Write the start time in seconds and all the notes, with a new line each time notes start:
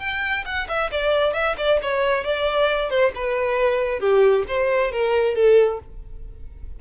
0.00 G5
0.46 F#5
0.68 E5
0.92 D5
1.34 E5
1.58 D5
1.83 C#5
2.25 D5
2.90 C5
3.15 B4
4.00 G4
4.48 C5
4.92 A#4
5.36 A4